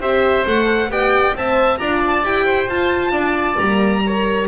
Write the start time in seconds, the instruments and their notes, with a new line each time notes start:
0.00 double bass C4, horn G4, oboe C5, violin E5
0.45 double bass A3, horn A4, violin F#5
0.88 double bass B3, horn G4, oboe D5, violin G5
1.34 double bass C4, horn C5, oboe E5, violin A5
1.78 double bass D4, horn F4, oboe D5, violin A#5
2.06 violin A5
2.23 double bass E4, horn G4, violin G5
2.45 oboe C5
2.68 horn F4, double bass F4, violin A5
3.11 double bass D4, oboe D5
3.58 double bass G3, horn A#3, violin A#5
4.05 horn A#4, oboe C#5